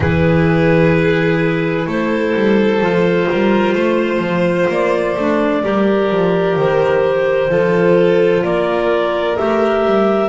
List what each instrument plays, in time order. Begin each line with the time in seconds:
0.00 double bass E3, clarinet E4 B4, violin G#4
1.87 double bass A3, violin A4, clarinet C5
2.34 double bass G3
2.80 double bass F3, clarinet F4
3.29 double bass G3, violin A#4
3.73 double bass A3, violin C5
4.19 double bass F3
4.69 double bass A#3, clarinet D5
5.16 double bass A3, clarinet D4
5.63 double bass G3, clarinet G4, violin A#4
6.11 double bass F3
6.55 double bass D#3, clarinet C5
7.49 double bass F3, clarinet F4, violin A4
8.43 double bass A#3, violin A#4, clarinet D5
9.36 double bass A3, clarinet G4 E5
9.85 double bass G3